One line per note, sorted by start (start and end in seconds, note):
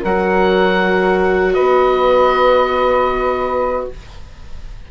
0.00 1.58 F#3
0.00 1.54 A#4
0.00 1.54 F#5
0.07 3.91 F#4
1.54 3.90 B3
1.54 3.85 B4
1.54 3.85 D#5